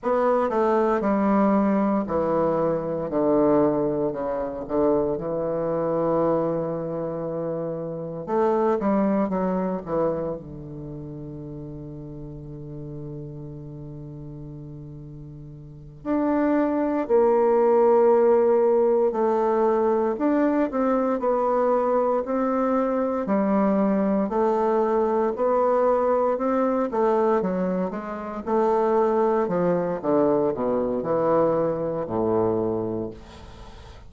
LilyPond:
\new Staff \with { instrumentName = "bassoon" } { \time 4/4 \tempo 4 = 58 b8 a8 g4 e4 d4 | cis8 d8 e2. | a8 g8 fis8 e8 d2~ | d2.~ d8 d'8~ |
d'8 ais2 a4 d'8 | c'8 b4 c'4 g4 a8~ | a8 b4 c'8 a8 fis8 gis8 a8~ | a8 f8 d8 b,8 e4 a,4 | }